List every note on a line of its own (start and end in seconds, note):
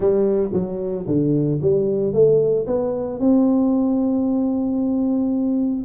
0.00 0.50 G3
0.53 1.06 F#3
1.07 1.60 D3
1.61 2.13 G3
2.13 2.66 A3
2.66 3.20 B3
3.20 5.85 C4